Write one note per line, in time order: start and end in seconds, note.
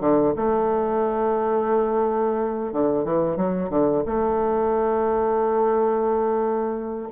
0.00 0.34 D3
0.36 2.72 A3
2.73 3.05 D3
3.05 3.37 E3
3.37 3.70 F#3
3.70 4.04 D3
4.06 7.09 A3